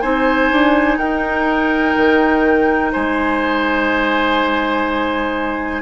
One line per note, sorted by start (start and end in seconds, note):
0.00 0.51 C4
0.00 5.82 D#4
0.00 0.97 C5
0.00 0.97 G#5
0.51 0.97 D4
0.97 1.94 D#4
0.97 2.92 A#4
0.97 2.91 G5
1.97 2.93 D#3
2.92 5.82 G#3
2.92 5.82 C5
2.92 5.82 G#5